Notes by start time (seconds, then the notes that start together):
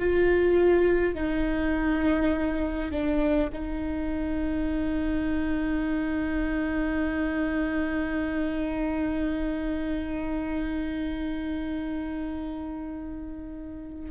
0.00 F4
1.15 D#4
2.91 D4
3.53 D#4